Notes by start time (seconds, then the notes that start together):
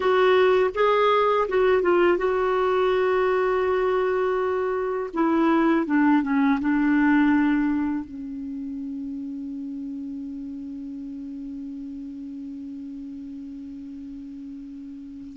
0.00 F#4
0.74 G#4
1.48 F#4
1.81 F4
2.17 F#4
5.13 E4
5.85 D4
6.22 C#4
6.60 D4
8.05 C#4